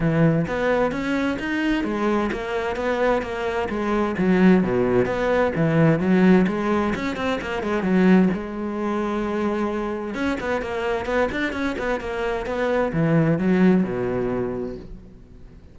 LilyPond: \new Staff \with { instrumentName = "cello" } { \time 4/4 \tempo 4 = 130 e4 b4 cis'4 dis'4 | gis4 ais4 b4 ais4 | gis4 fis4 b,4 b4 | e4 fis4 gis4 cis'8 c'8 |
ais8 gis8 fis4 gis2~ | gis2 cis'8 b8 ais4 | b8 d'8 cis'8 b8 ais4 b4 | e4 fis4 b,2 | }